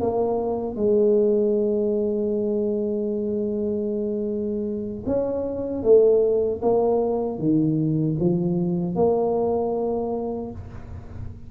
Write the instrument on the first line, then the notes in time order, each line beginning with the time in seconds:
tuba
0.00 A#3
0.76 G#3
5.06 C#4
5.83 A3
6.62 A#3
7.38 D#3
8.20 F3
8.95 A#3